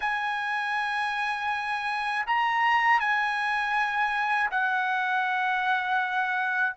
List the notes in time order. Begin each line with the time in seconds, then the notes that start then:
0.00 G#5
2.26 A#5
3.00 G#5
4.50 F#5